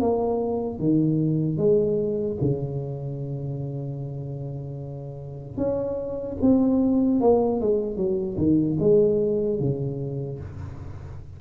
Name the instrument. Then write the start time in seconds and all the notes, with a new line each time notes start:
tuba
0.00 A#3
0.79 D#3
1.57 G#3
2.41 C#3
5.57 C#4
6.41 C4
7.20 A#3
7.60 G#3
7.96 F#3
8.37 D#3
8.79 G#3
9.59 C#3